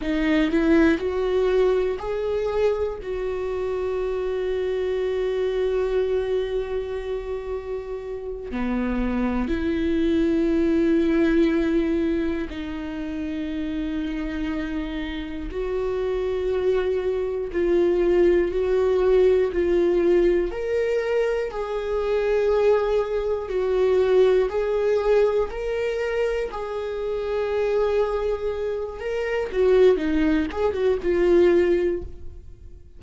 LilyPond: \new Staff \with { instrumentName = "viola" } { \time 4/4 \tempo 4 = 60 dis'8 e'8 fis'4 gis'4 fis'4~ | fis'1~ | fis'8 b4 e'2~ e'8~ | e'8 dis'2. fis'8~ |
fis'4. f'4 fis'4 f'8~ | f'8 ais'4 gis'2 fis'8~ | fis'8 gis'4 ais'4 gis'4.~ | gis'4 ais'8 fis'8 dis'8 gis'16 fis'16 f'4 | }